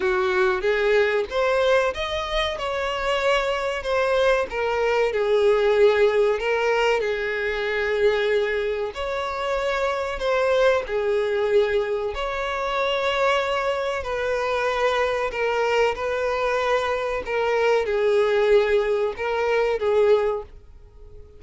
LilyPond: \new Staff \with { instrumentName = "violin" } { \time 4/4 \tempo 4 = 94 fis'4 gis'4 c''4 dis''4 | cis''2 c''4 ais'4 | gis'2 ais'4 gis'4~ | gis'2 cis''2 |
c''4 gis'2 cis''4~ | cis''2 b'2 | ais'4 b'2 ais'4 | gis'2 ais'4 gis'4 | }